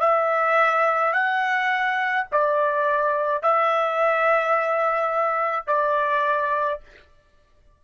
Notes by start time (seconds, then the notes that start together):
0.00 E5
1.13 F#5
2.32 D5
3.42 E5
5.67 D5